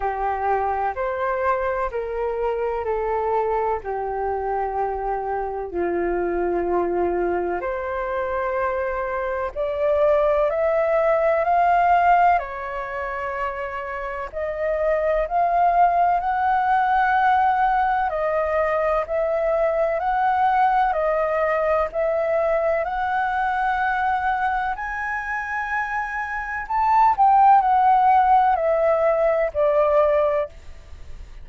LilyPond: \new Staff \with { instrumentName = "flute" } { \time 4/4 \tempo 4 = 63 g'4 c''4 ais'4 a'4 | g'2 f'2 | c''2 d''4 e''4 | f''4 cis''2 dis''4 |
f''4 fis''2 dis''4 | e''4 fis''4 dis''4 e''4 | fis''2 gis''2 | a''8 g''8 fis''4 e''4 d''4 | }